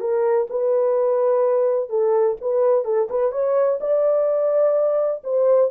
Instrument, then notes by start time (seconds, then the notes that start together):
horn
0.00 A#4
0.49 B4
1.89 A4
2.41 B4
2.84 A4
3.09 B4
3.32 C#5
3.80 D5
5.24 C5